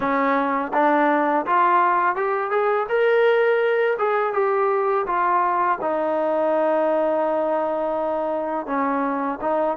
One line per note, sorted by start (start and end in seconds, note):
0.00 0.72 C#4
0.73 1.45 D4
1.46 2.15 F4
2.15 2.50 G4
2.50 2.87 G#4
2.88 3.97 A#4
3.98 4.33 G#4
4.33 5.05 G4
5.06 5.78 F4
5.81 8.66 D#4
8.66 9.38 C#4
9.41 9.77 D#4